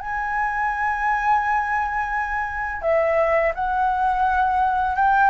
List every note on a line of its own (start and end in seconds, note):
0.00 2.82 G#5
2.82 3.53 E5
3.55 4.96 F#5
4.96 5.31 G5